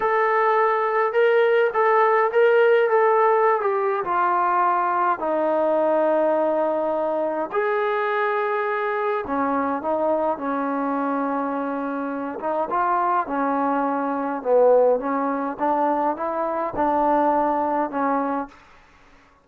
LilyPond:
\new Staff \with { instrumentName = "trombone" } { \time 4/4 \tempo 4 = 104 a'2 ais'4 a'4 | ais'4 a'4~ a'16 g'8. f'4~ | f'4 dis'2.~ | dis'4 gis'2. |
cis'4 dis'4 cis'2~ | cis'4. dis'8 f'4 cis'4~ | cis'4 b4 cis'4 d'4 | e'4 d'2 cis'4 | }